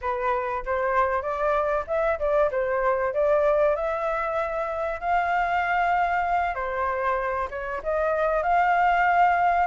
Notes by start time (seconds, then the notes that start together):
0.01 B4
0.65 C5
1.22 D5
1.87 E5
2.19 D5
2.51 C5
3.13 D5
3.75 E5
5.00 F5
6.55 C5
7.50 C#5
7.83 D#5
8.42 F5